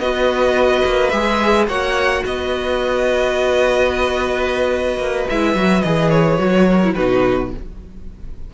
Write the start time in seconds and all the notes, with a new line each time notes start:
0.00 B3 F#4 B4 D#5
0.85 A#3
1.10 G#3 G#4 E5
1.68 A#3 F#4 C#5 F#5
2.25 B3 B4 D#5
4.98 A#3
5.29 G#3 E4 E5
5.55 F#3 F#4
5.82 E3 G#4 D#5
6.10 C#5
6.38 F#3 F#4
6.68 A#4
6.84 E4
6.95 B2 D#4 F#4 B4